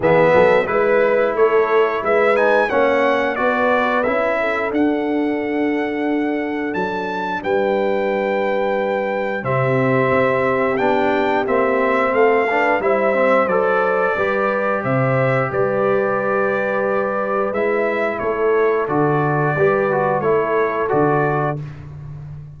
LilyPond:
<<
  \new Staff \with { instrumentName = "trumpet" } { \time 4/4 \tempo 4 = 89 e''4 b'4 cis''4 e''8 gis''8 | fis''4 d''4 e''4 fis''4~ | fis''2 a''4 g''4~ | g''2 e''2 |
g''4 e''4 f''4 e''4 | d''2 e''4 d''4~ | d''2 e''4 cis''4 | d''2 cis''4 d''4 | }
  \new Staff \with { instrumentName = "horn" } { \time 4/4 gis'8 a'8 b'4 a'4 b'4 | cis''4 b'4. a'4.~ | a'2. b'4~ | b'2 g'2~ |
g'2 a'8 b'8 c''4~ | c''4 b'4 c''4 b'4~ | b'2. a'4~ | a'4 b'4 a'2 | }
  \new Staff \with { instrumentName = "trombone" } { \time 4/4 b4 e'2~ e'8 dis'8 | cis'4 fis'4 e'4 d'4~ | d'1~ | d'2 c'2 |
d'4 c'4. d'8 e'8 c'8 | a'4 g'2.~ | g'2 e'2 | fis'4 g'8 fis'8 e'4 fis'4 | }
  \new Staff \with { instrumentName = "tuba" } { \time 4/4 e8 fis8 gis4 a4 gis4 | ais4 b4 cis'4 d'4~ | d'2 fis4 g4~ | g2 c4 c'4 |
b4 ais4 a4 g4 | fis4 g4 c4 g4~ | g2 gis4 a4 | d4 g4 a4 d4 | }
>>